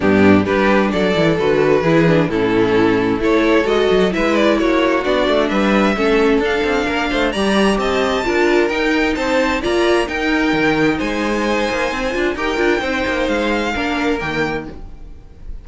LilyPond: <<
  \new Staff \with { instrumentName = "violin" } { \time 4/4 \tempo 4 = 131 g'4 b'4 d''4 b'4~ | b'4 a'2 cis''4 | dis''4 e''8 d''8 cis''4 d''4 | e''2 f''2 |
ais''4 a''2 g''4 | a''4 ais''4 g''2 | gis''2. g''4~ | g''4 f''2 g''4 | }
  \new Staff \with { instrumentName = "violin" } { \time 4/4 d'4 g'4 a'2 | gis'4 e'2 a'4~ | a'4 b'4 fis'2 | b'4 a'2 ais'8 c''8 |
d''4 dis''4 ais'2 | c''4 d''4 ais'2 | c''2. ais'4 | c''2 ais'2 | }
  \new Staff \with { instrumentName = "viola" } { \time 4/4 b4 d'4. e'8 fis'4 | e'8 d'8 cis'2 e'4 | fis'4 e'2 d'4~ | d'4 cis'4 d'2 |
g'2 f'4 dis'4~ | dis'4 f'4 dis'2~ | dis'2~ dis'8 f'8 g'8 f'8 | dis'2 d'4 ais4 | }
  \new Staff \with { instrumentName = "cello" } { \time 4/4 g,4 g4 fis8 e8 d4 | e4 a,2 a4 | gis8 fis8 gis4 ais4 b8 a8 | g4 a4 d'8 c'8 ais8 a8 |
g4 c'4 d'4 dis'4 | c'4 ais4 dis'4 dis4 | gis4. ais8 c'8 d'8 dis'8 d'8 | c'8 ais8 gis4 ais4 dis4 | }
>>